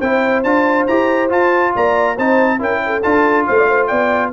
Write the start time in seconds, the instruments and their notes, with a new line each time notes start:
0.00 tuba C4, trombone E4, horn C5, trumpet G5
0.43 tuba D4, trombone F4, trumpet A5
0.87 tuba E4, trombone G4, trumpet A#5
1.29 trombone F4, tuba F4, trumpet A5
1.75 tuba A#3, horn D5, trumpet A#5
2.16 tuba C4, trombone D#4, horn C5, trumpet A5
2.58 tuba C#4, trombone E4, horn A#4, trumpet G5
2.86 horn A4
3.02 tuba D4, trombone F4, trumpet A5
3.46 tuba A3, horn C5, trumpet F5
3.57 horn D5
3.68 horn C5
3.87 tuba B3, horn D5, trumpet G5